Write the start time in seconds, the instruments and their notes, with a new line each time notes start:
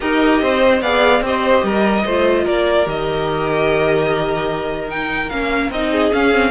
0.00 cello D#4, viola G4, violin A#4 D#5
0.41 cello C4, violin C5
0.81 cello B3, viola G#4, violin D5 F5
1.20 cello C4, viola G4, violin C5 D#5
1.63 cello G3, violin A#4
2.05 cello A3, viola F4, violin C5
2.44 cello A#3, violin A#4 D5
2.84 cello D#3, viola G4, violin D#5
4.88 viola D#4, violin G5
5.29 cello A#3, viola C#4, violin F5
5.70 cello C4, viola D#4, violin D#5
5.90 violin G#4
6.12 viola C#4, cello C#4, violin F5
6.32 viola C4